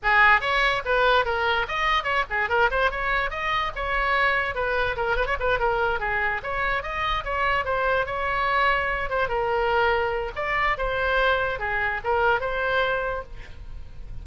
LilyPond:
\new Staff \with { instrumentName = "oboe" } { \time 4/4 \tempo 4 = 145 gis'4 cis''4 b'4 ais'4 | dis''4 cis''8 gis'8 ais'8 c''8 cis''4 | dis''4 cis''2 b'4 | ais'8 b'16 cis''16 b'8 ais'4 gis'4 cis''8~ |
cis''8 dis''4 cis''4 c''4 cis''8~ | cis''2 c''8 ais'4.~ | ais'4 d''4 c''2 | gis'4 ais'4 c''2 | }